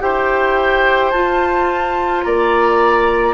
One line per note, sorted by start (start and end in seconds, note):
0.00 1.12 E4
0.00 1.11 G4
0.00 2.25 C5
0.00 1.10 G5
1.10 2.24 F4
1.10 3.33 F4
1.10 2.21 A5
2.22 3.33 A#3
2.22 3.33 D5
2.22 3.33 A#5